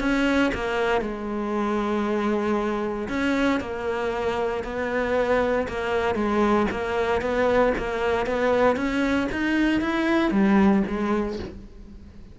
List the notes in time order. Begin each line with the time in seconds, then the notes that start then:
0.00 C#4
0.54 A#3
1.01 G#3
3.09 C#4
3.60 A#3
4.64 B3
5.68 A#3
6.15 G#3
6.71 A#3
7.21 B3
7.78 A#3
8.26 B3
8.76 C#4
9.32 D#4
9.81 E4
10.31 G3
10.87 G#3